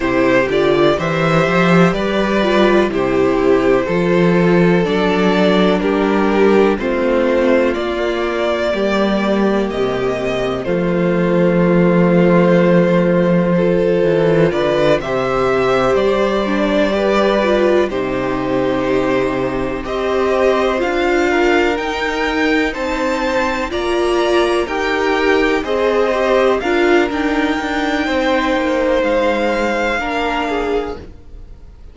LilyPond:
<<
  \new Staff \with { instrumentName = "violin" } { \time 4/4 \tempo 4 = 62 c''8 d''8 e''4 d''4 c''4~ | c''4 d''4 ais'4 c''4 | d''2 dis''4 c''4~ | c''2. d''8 e''8~ |
e''8 d''2 c''4.~ | c''8 dis''4 f''4 g''4 a''8~ | a''8 ais''4 g''4 dis''4 f''8 | g''2 f''2 | }
  \new Staff \with { instrumentName = "violin" } { \time 4/4 g'4 c''4 b'4 g'4 | a'2 g'4 f'4~ | f'4 g'2 f'4~ | f'2 a'4 b'8 c''8~ |
c''4. b'4 g'4.~ | g'8 c''4. ais'4. c''8~ | c''8 d''4 ais'4 c''4 ais'8~ | ais'4 c''2 ais'8 gis'8 | }
  \new Staff \with { instrumentName = "viola" } { \time 4/4 e'8 f'8 g'4. f'8 e'4 | f'4 d'2 c'4 | ais2. a4~ | a2 f'4. g'8~ |
g'4 d'8 g'8 f'8 dis'4.~ | dis'8 g'4 f'4 dis'4.~ | dis'8 f'4 g'4 gis'8 g'8 f'8 | d'8 dis'2~ dis'8 d'4 | }
  \new Staff \with { instrumentName = "cello" } { \time 4/4 c8 d8 e8 f8 g4 c4 | f4 fis4 g4 a4 | ais4 g4 c4 f4~ | f2~ f8 e8 d8 c8~ |
c8 g2 c4.~ | c8 c'4 d'4 dis'4 c'8~ | c'8 ais4 dis'4 c'4 d'8 | dis'8 d'8 c'8 ais8 gis4 ais4 | }
>>